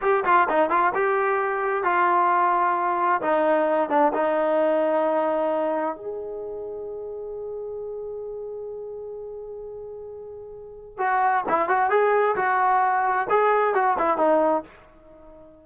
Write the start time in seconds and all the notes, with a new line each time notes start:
0.01 G4
0.25 F4
0.49 D#4
0.70 F4
0.94 G4
1.83 F4
3.21 D#4
3.89 D4
4.13 D#4
5.95 G#4
10.98 F#4
11.48 E4
11.69 F#4
11.90 G#4
12.35 F#4
13.29 G#4
13.74 F#4
13.98 E4
14.17 D#4